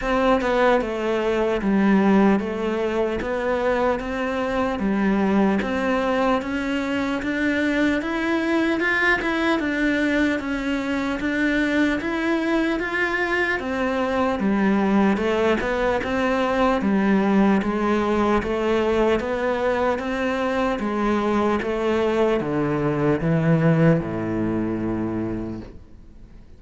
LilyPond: \new Staff \with { instrumentName = "cello" } { \time 4/4 \tempo 4 = 75 c'8 b8 a4 g4 a4 | b4 c'4 g4 c'4 | cis'4 d'4 e'4 f'8 e'8 | d'4 cis'4 d'4 e'4 |
f'4 c'4 g4 a8 b8 | c'4 g4 gis4 a4 | b4 c'4 gis4 a4 | d4 e4 a,2 | }